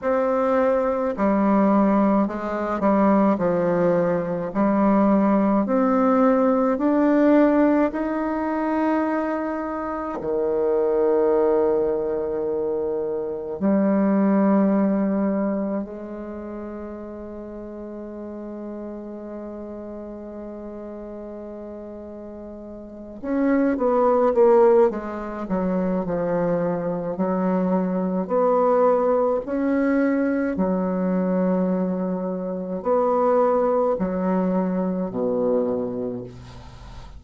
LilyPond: \new Staff \with { instrumentName = "bassoon" } { \time 4/4 \tempo 4 = 53 c'4 g4 gis8 g8 f4 | g4 c'4 d'4 dis'4~ | dis'4 dis2. | g2 gis2~ |
gis1~ | gis8 cis'8 b8 ais8 gis8 fis8 f4 | fis4 b4 cis'4 fis4~ | fis4 b4 fis4 b,4 | }